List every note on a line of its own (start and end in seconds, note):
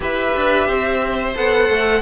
0.00 0.33 E4
0.00 1.34 G4
0.00 0.67 B4
0.00 1.36 E5
0.36 0.67 D4
0.67 1.35 C4
0.67 2.01 C5
1.35 1.69 B3
1.35 2.01 A4
1.35 2.01 F#5
1.69 2.01 A3